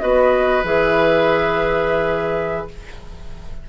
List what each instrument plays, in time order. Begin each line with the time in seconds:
0.00 bassoon B3, clarinet F#4, oboe B4, flute D#5
0.64 bassoon E3, clarinet G#4, flute E5